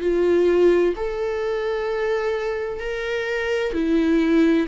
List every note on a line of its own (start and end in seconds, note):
0.00 0.94 F4
0.96 2.79 A4
2.79 3.73 A#4
3.73 4.67 E4